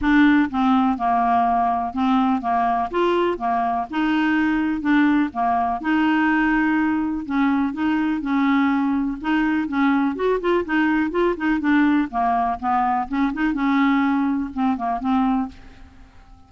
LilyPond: \new Staff \with { instrumentName = "clarinet" } { \time 4/4 \tempo 4 = 124 d'4 c'4 ais2 | c'4 ais4 f'4 ais4 | dis'2 d'4 ais4 | dis'2. cis'4 |
dis'4 cis'2 dis'4 | cis'4 fis'8 f'8 dis'4 f'8 dis'8 | d'4 ais4 b4 cis'8 dis'8 | cis'2 c'8 ais8 c'4 | }